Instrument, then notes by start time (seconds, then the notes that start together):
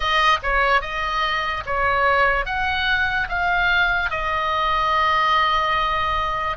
oboe
0.00 D#5
0.42 C#5
0.81 D#5
1.66 C#5
2.45 F#5
3.28 F5
4.10 D#5